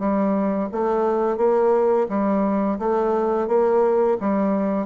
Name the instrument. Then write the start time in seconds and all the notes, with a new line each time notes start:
bassoon
0.00 G3
0.73 A3
1.38 A#3
2.09 G3
2.79 A3
3.48 A#3
4.21 G3